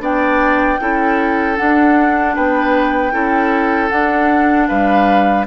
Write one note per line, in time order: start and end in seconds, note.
0.00 0.78 B3
0.00 0.79 D4
0.00 0.81 D5
0.00 1.57 G5
0.80 1.59 C#4
0.80 1.57 E4
0.80 2.36 A4
1.57 3.12 D4
1.57 2.37 D4
1.57 2.35 F#5
2.36 3.13 B3
2.36 3.13 B4
2.36 3.90 G5
3.12 3.91 C#4
3.12 3.90 E4
3.12 4.68 A4
3.90 5.47 D4
3.90 4.69 D4
3.90 4.68 F#5
4.68 5.47 G3
4.68 5.46 B4
4.68 5.46 F5